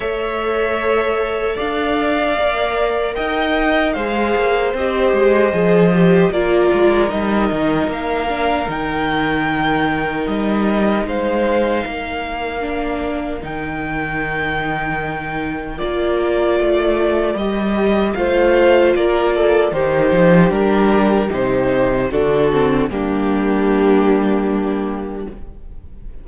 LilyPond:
<<
  \new Staff \with { instrumentName = "violin" } { \time 4/4 \tempo 4 = 76 e''2 f''2 | g''4 f''4 dis''2 | d''4 dis''4 f''4 g''4~ | g''4 dis''4 f''2~ |
f''4 g''2. | d''2 dis''4 f''4 | d''4 c''4 ais'4 c''4 | a'4 g'2. | }
  \new Staff \with { instrumentName = "violin" } { \time 4/4 cis''2 d''2 | dis''4 c''2. | ais'1~ | ais'2 c''4 ais'4~ |
ais'1~ | ais'2. c''4 | ais'8 a'8 g'2. | fis'4 d'2. | }
  \new Staff \with { instrumentName = "viola" } { \time 4/4 a'2. ais'4~ | ais'4 gis'4 g'4 gis'8 g'8 | f'4 dis'4. d'8 dis'4~ | dis'1 |
d'4 dis'2. | f'2 g'4 f'4~ | f'4 dis'4 d'4 dis'4 | d'8 c'8 ais2. | }
  \new Staff \with { instrumentName = "cello" } { \time 4/4 a2 d'4 ais4 | dis'4 gis8 ais8 c'8 gis8 f4 | ais8 gis8 g8 dis8 ais4 dis4~ | dis4 g4 gis4 ais4~ |
ais4 dis2. | ais4 a4 g4 a4 | ais4 dis8 f8 g4 c4 | d4 g2. | }
>>